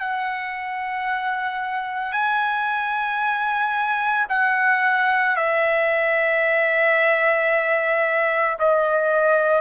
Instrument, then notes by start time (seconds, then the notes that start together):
trumpet
0.00 F#5
2.13 G#5
4.30 F#5
5.37 E5
8.60 D#5